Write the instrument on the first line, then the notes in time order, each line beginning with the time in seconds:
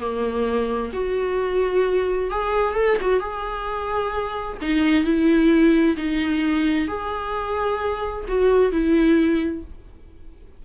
viola
0.00 A#3
0.93 F#4
2.31 G#4
2.75 A4
3.01 F#4
3.20 G#4
4.62 D#4
5.04 E4
5.97 D#4
6.88 G#4
8.28 F#4
8.72 E4